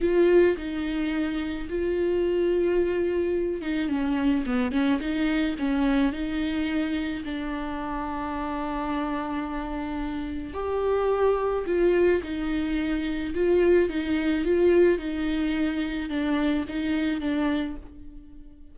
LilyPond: \new Staff \with { instrumentName = "viola" } { \time 4/4 \tempo 4 = 108 f'4 dis'2 f'4~ | f'2~ f'8 dis'8 cis'4 | b8 cis'8 dis'4 cis'4 dis'4~ | dis'4 d'2.~ |
d'2. g'4~ | g'4 f'4 dis'2 | f'4 dis'4 f'4 dis'4~ | dis'4 d'4 dis'4 d'4 | }